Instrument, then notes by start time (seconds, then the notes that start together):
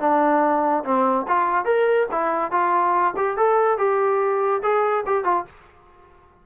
trombone
0.00 D4
0.84 C4
1.28 F4
1.65 A#4
2.12 E4
2.51 F4
3.17 G4
3.37 A4
3.78 G4
4.62 G#4
5.06 G4
5.24 F4